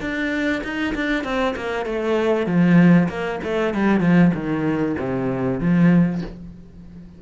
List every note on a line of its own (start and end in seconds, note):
0.00 0.62 D4
0.63 0.94 D#4
0.94 1.24 D4
1.24 1.55 C4
1.56 1.85 A#3
1.85 2.46 A3
2.46 3.08 F3
3.08 3.39 A#3
3.43 3.74 A3
3.74 4.00 G3
4.00 4.31 F3
4.34 4.95 D#3
4.98 5.60 C3
5.60 6.21 F3